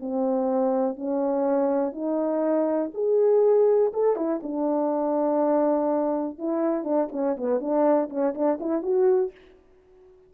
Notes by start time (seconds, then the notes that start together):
0.00 C4
0.96 C#4
1.92 D#4
2.94 G#4
3.93 A4
4.16 E4
4.43 D4
6.38 E4
6.84 D4
7.12 C#4
7.37 B3
7.60 D4
8.09 C#4
8.34 D4
8.60 E4
8.82 F#4